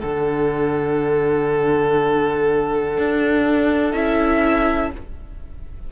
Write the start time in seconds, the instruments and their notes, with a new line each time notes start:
0.00 cello D3, viola D4, violin A4 F#5
2.98 cello D4
3.92 cello C#4, viola E4, violin E5